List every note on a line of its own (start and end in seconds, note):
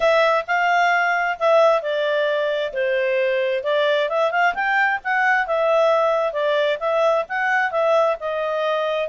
0.00 0.45 E5
0.47 1.38 F5
1.39 1.82 E5
1.82 2.73 D5
2.73 3.63 C5
3.63 4.09 D5
4.09 4.31 E5
4.31 4.54 F5
4.54 4.99 G5
5.03 5.46 F#5
5.46 6.32 E5
6.32 6.78 D5
6.79 7.25 E5
7.28 7.71 F#5
7.71 8.16 E5
8.19 9.08 D#5